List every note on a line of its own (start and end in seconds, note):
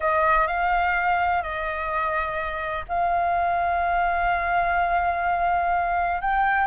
0.00 0.47 D#5
0.47 1.42 F5
1.42 2.85 D#5
2.88 6.21 F5
6.21 6.66 G5